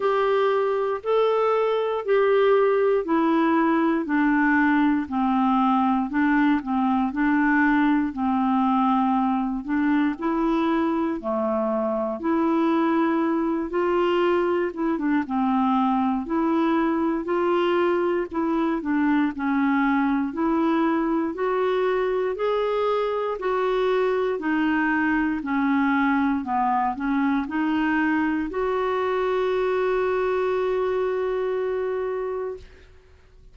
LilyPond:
\new Staff \with { instrumentName = "clarinet" } { \time 4/4 \tempo 4 = 59 g'4 a'4 g'4 e'4 | d'4 c'4 d'8 c'8 d'4 | c'4. d'8 e'4 a4 | e'4. f'4 e'16 d'16 c'4 |
e'4 f'4 e'8 d'8 cis'4 | e'4 fis'4 gis'4 fis'4 | dis'4 cis'4 b8 cis'8 dis'4 | fis'1 | }